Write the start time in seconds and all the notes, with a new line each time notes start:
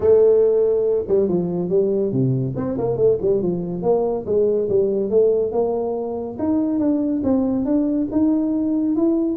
0.00 A3
1.08 G3
1.28 F3
1.69 G3
2.11 C3
2.56 C4
2.78 A#3
2.96 A3
3.21 G3
3.42 F3
3.82 A#3
4.26 G#3
4.69 G3
5.09 A3
5.52 A#3
6.38 D#4
6.79 D4
7.23 C4
7.65 D4
8.11 D#4
8.96 E4